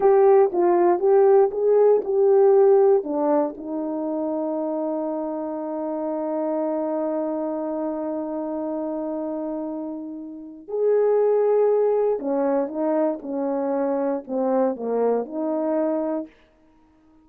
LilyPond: \new Staff \with { instrumentName = "horn" } { \time 4/4 \tempo 4 = 118 g'4 f'4 g'4 gis'4 | g'2 d'4 dis'4~ | dis'1~ | dis'1~ |
dis'1~ | dis'4 gis'2. | cis'4 dis'4 cis'2 | c'4 ais4 dis'2 | }